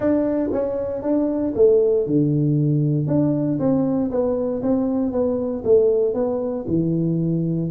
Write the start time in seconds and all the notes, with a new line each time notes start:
0.00 D4
0.52 C#4
1.02 D4
1.55 A3
2.06 D3
3.07 D4
3.59 C4
4.10 B3
4.62 C4
5.11 B3
5.64 A3
6.14 B3
6.67 E3